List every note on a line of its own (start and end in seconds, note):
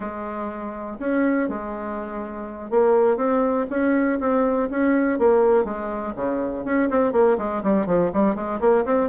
0.00 0.97 G#3
0.99 1.49 C#4
1.49 2.70 G#3
2.70 3.17 A#3
3.17 3.66 C4
3.70 4.19 C#4
4.20 4.69 C4
4.70 5.18 C#4
5.18 5.64 A#3
5.64 6.13 G#3
6.15 6.64 C#3
6.64 6.89 C#4
6.90 7.12 C4
7.12 7.37 A#3
7.38 7.62 G#3
7.63 7.86 G3
7.86 8.11 F3
8.13 8.35 G3
8.35 8.60 G#3
8.60 8.84 A#3
8.85 9.09 C4